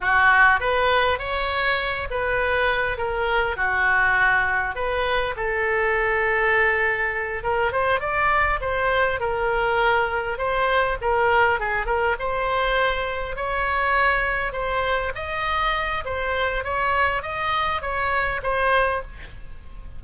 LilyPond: \new Staff \with { instrumentName = "oboe" } { \time 4/4 \tempo 4 = 101 fis'4 b'4 cis''4. b'8~ | b'4 ais'4 fis'2 | b'4 a'2.~ | a'8 ais'8 c''8 d''4 c''4 ais'8~ |
ais'4. c''4 ais'4 gis'8 | ais'8 c''2 cis''4.~ | cis''8 c''4 dis''4. c''4 | cis''4 dis''4 cis''4 c''4 | }